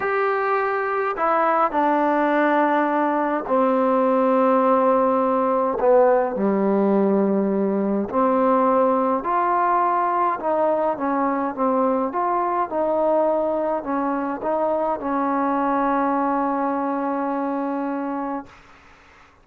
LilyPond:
\new Staff \with { instrumentName = "trombone" } { \time 4/4 \tempo 4 = 104 g'2 e'4 d'4~ | d'2 c'2~ | c'2 b4 g4~ | g2 c'2 |
f'2 dis'4 cis'4 | c'4 f'4 dis'2 | cis'4 dis'4 cis'2~ | cis'1 | }